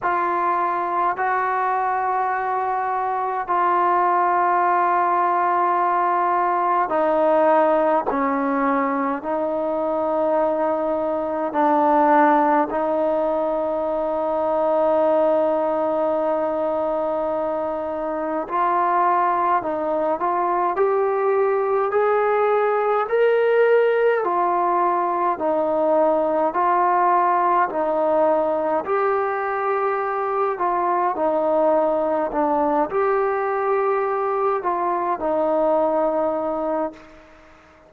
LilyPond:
\new Staff \with { instrumentName = "trombone" } { \time 4/4 \tempo 4 = 52 f'4 fis'2 f'4~ | f'2 dis'4 cis'4 | dis'2 d'4 dis'4~ | dis'1 |
f'4 dis'8 f'8 g'4 gis'4 | ais'4 f'4 dis'4 f'4 | dis'4 g'4. f'8 dis'4 | d'8 g'4. f'8 dis'4. | }